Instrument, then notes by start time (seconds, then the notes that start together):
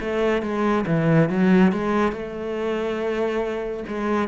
cello
0.00 A3
0.42 G#3
0.86 E3
1.29 F#3
1.72 G#3
2.12 A3
3.88 G#3